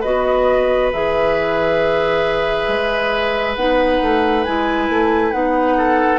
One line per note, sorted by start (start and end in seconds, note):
0.00 0.92 B3
0.00 0.92 F#4
0.00 5.74 B4
0.00 0.90 D#5
0.92 2.67 E3
0.92 3.58 G#4
0.92 3.55 E5
2.67 3.56 G#3
3.55 4.00 B3
3.55 4.46 D#4
3.55 4.44 F#5
4.01 4.45 A3
4.44 4.89 G#3
4.44 5.32 E4
4.44 5.31 G#5
4.89 5.33 A3
5.31 6.18 B3
5.31 6.18 D#4
5.31 6.18 F#5
5.77 6.18 A4